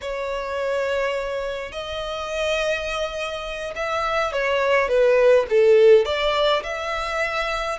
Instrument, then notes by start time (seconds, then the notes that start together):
violin
0.01 C#5
1.72 D#5
3.75 E5
4.32 C#5
4.88 B4
5.49 A4
6.05 D5
6.63 E5